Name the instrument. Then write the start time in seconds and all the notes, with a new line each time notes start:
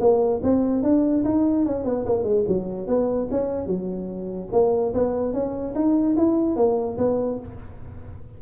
tuba
0.00 A#3
0.43 C4
0.83 D4
1.25 D#4
1.66 C#4
1.85 B3
2.06 A#3
2.24 G#3
2.48 F#3
2.87 B3
3.31 C#4
3.67 F#3
4.52 A#3
4.94 B3
5.33 C#4
5.75 D#4
6.17 E4
6.56 A#3
6.98 B3